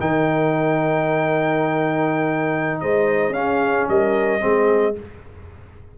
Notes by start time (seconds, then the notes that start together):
0.00 D#3 D#4 A#4 G5
2.80 G#3 C5 D#5
3.29 C#4 F5
3.36 G#4
3.88 G3 A#4 D#5
4.39 G#3 C4 G#4